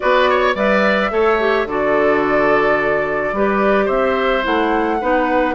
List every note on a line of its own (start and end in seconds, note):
0.00 0.54 B3
0.00 0.55 F#4
0.00 0.29 B4
0.00 0.55 D5
0.29 0.55 C#5
0.54 1.10 G3
0.54 1.10 B4
0.54 1.11 D5
0.54 1.67 E5
1.10 1.65 A3
1.10 1.38 A4
1.10 1.67 C#5
1.39 1.67 G4
1.65 3.31 D3
1.65 3.34 F#4
1.65 3.35 A4
1.65 3.88 D5
3.32 3.88 G3
3.32 4.42 G4
3.32 3.85 B4
3.85 4.44 C4
3.85 4.96 C5
3.85 4.44 E5
4.42 5.01 A3
4.42 4.98 E4
4.42 5.55 F#5
5.01 5.55 B3
5.01 5.55 D#4
5.01 5.55 B4